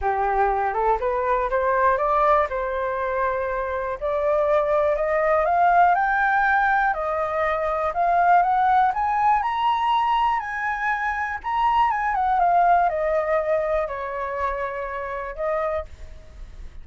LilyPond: \new Staff \with { instrumentName = "flute" } { \time 4/4 \tempo 4 = 121 g'4. a'8 b'4 c''4 | d''4 c''2. | d''2 dis''4 f''4 | g''2 dis''2 |
f''4 fis''4 gis''4 ais''4~ | ais''4 gis''2 ais''4 | gis''8 fis''8 f''4 dis''2 | cis''2. dis''4 | }